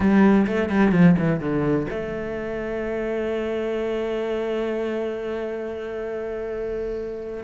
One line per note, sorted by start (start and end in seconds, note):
0.00 0.46 G3
0.47 0.69 A3
0.69 0.92 G3
0.92 1.15 F3
1.18 1.40 E3
1.40 1.86 D3
1.90 7.43 A3